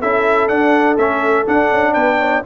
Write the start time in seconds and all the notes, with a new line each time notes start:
0.00 C#4 E4 A4 E5
0.48 D4 F#5
0.98 A3 C#4 E5
1.46 D4 F#5
1.71 C#4
1.93 B3 B4 G5
2.19 C#5